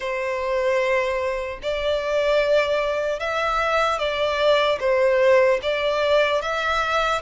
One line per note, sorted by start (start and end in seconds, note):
0.00 1.59 C5
1.62 3.19 D5
3.19 3.98 E5
3.98 4.78 D5
4.80 5.60 C5
5.62 6.41 D5
6.41 7.21 E5